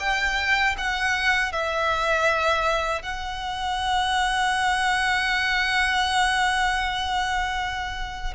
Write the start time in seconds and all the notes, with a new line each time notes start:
0.00 G5
0.78 F#5
1.53 E5
3.03 F#5